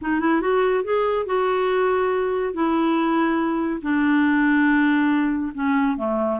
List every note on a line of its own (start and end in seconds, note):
0.01 0.20 D#4
0.20 0.41 E4
0.41 0.84 F#4
0.84 1.26 G#4
1.26 2.53 F#4
2.53 3.81 E4
3.82 5.52 D4
5.54 5.97 C#4
5.97 6.39 A3